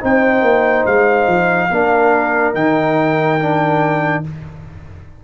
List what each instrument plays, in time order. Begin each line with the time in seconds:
0.00 tuba C4, trombone D#4, horn C5, trumpet G5
0.42 tuba A#3
0.86 tuba G#3, trumpet F5
1.27 tuba F3
1.69 tuba A#3, trombone D4, horn A#4
2.54 tuba D#3, trombone D#4, trumpet G5
3.39 trombone D4